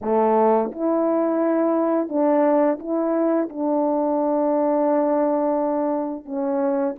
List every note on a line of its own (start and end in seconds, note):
0.01 0.71 A3
0.71 2.08 E4
2.08 2.78 D4
2.79 3.49 E4
3.49 6.25 D4
6.25 6.95 C#4